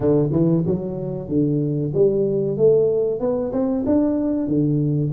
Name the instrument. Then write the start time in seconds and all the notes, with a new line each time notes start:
tuba
0.00 D3
0.32 E3
0.66 F#3
1.28 D3
1.94 G3
2.57 A3
3.19 B3
3.52 C4
3.86 D4
4.47 D3